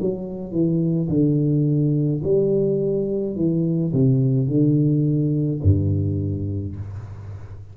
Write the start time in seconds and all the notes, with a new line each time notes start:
0.00 F#3
0.51 E3
1.09 D3
2.23 G3
3.35 E3
3.93 C3
4.47 D3
5.62 G2